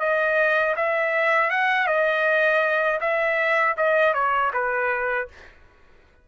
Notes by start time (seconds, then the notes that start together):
0.00 D#5
0.76 E5
1.50 F#5
1.87 D#5
3.01 E5
3.77 D#5
4.14 C#5
4.53 B4